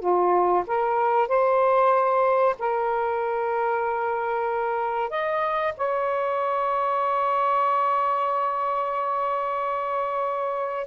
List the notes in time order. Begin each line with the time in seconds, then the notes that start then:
0.00 F4
0.67 A#4
1.28 C5
2.59 A#4
5.10 D#5
5.77 C#5